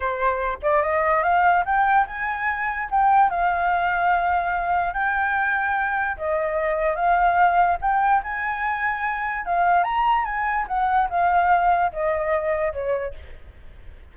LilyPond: \new Staff \with { instrumentName = "flute" } { \time 4/4 \tempo 4 = 146 c''4. d''8 dis''4 f''4 | g''4 gis''2 g''4 | f''1 | g''2. dis''4~ |
dis''4 f''2 g''4 | gis''2. f''4 | ais''4 gis''4 fis''4 f''4~ | f''4 dis''2 cis''4 | }